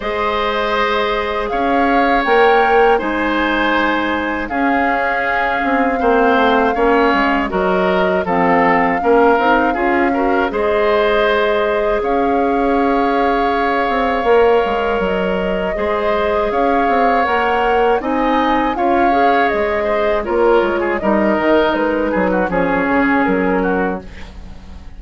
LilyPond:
<<
  \new Staff \with { instrumentName = "flute" } { \time 4/4 \tempo 4 = 80 dis''2 f''4 g''4 | gis''2 f''2~ | f''2 dis''4 f''4~ | f''2 dis''2 |
f''1 | dis''2 f''4 fis''4 | gis''4 f''4 dis''4 cis''4 | dis''4 b'4 cis''4 ais'4 | }
  \new Staff \with { instrumentName = "oboe" } { \time 4/4 c''2 cis''2 | c''2 gis'2 | c''4 cis''4 ais'4 a'4 | ais'4 gis'8 ais'8 c''2 |
cis''1~ | cis''4 c''4 cis''2 | dis''4 cis''4. c''8 ais'8. gis'16 | ais'4. gis'16 fis'16 gis'4. fis'8 | }
  \new Staff \with { instrumentName = "clarinet" } { \time 4/4 gis'2. ais'4 | dis'2 cis'2 | c'4 cis'4 fis'4 c'4 | cis'8 dis'8 f'8 fis'8 gis'2~ |
gis'2. ais'4~ | ais'4 gis'2 ais'4 | dis'4 f'8 gis'4. f'4 | dis'2 cis'2 | }
  \new Staff \with { instrumentName = "bassoon" } { \time 4/4 gis2 cis'4 ais4 | gis2 cis'4. c'8 | ais8 a8 ais8 gis8 fis4 f4 | ais8 c'8 cis'4 gis2 |
cis'2~ cis'8 c'8 ais8 gis8 | fis4 gis4 cis'8 c'8 ais4 | c'4 cis'4 gis4 ais8 gis8 | g8 dis8 gis8 fis8 f8 cis8 fis4 | }
>>